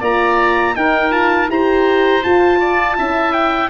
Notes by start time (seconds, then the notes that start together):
0.00 A#3 F4 D5 A#5
0.75 D#4 A#4 G5
1.10 F4 A5
1.49 E4 G4 C5 A#5
2.23 F4 A5
2.59 D5
2.96 C#4 E4 E5
3.33 G5